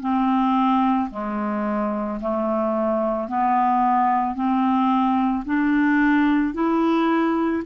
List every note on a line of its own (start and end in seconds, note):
0.00 1.09 C4
1.10 2.19 G#3
2.20 3.28 A3
3.28 4.34 B3
4.34 5.43 C4
5.45 6.54 D4
6.54 7.63 E4